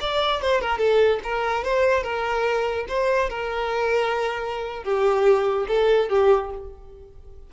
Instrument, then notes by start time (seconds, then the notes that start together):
violin
0.00 D5
0.41 C5
0.61 A#4
0.78 A4
1.23 A#4
1.64 C5
2.03 A#4
2.88 C5
3.29 A#4
4.83 G4
5.67 A4
6.09 G4